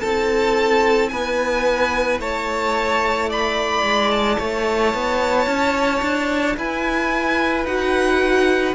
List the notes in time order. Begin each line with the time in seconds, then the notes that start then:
0.00 C4 E4 A4 A5
1.09 B3 B4 G#5
2.20 A3 C#5 A5
3.29 D5 B5
3.82 G#3
4.10 A5
4.38 A3 C#5
4.94 B3
5.47 C#4
6.02 D4
6.57 E4 B4 G#5
7.65 D#4 F#4 F#5